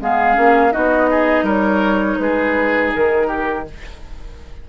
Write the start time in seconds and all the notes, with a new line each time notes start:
0.00 G#3 B3 G#4 F5
0.34 A#3 C#4
0.71 B3 D#4 F#4 D#5
1.10 G#4
1.43 G3 A#4 C#5
2.19 G#3 G#4 B4
2.94 D#3 A#4
3.27 G4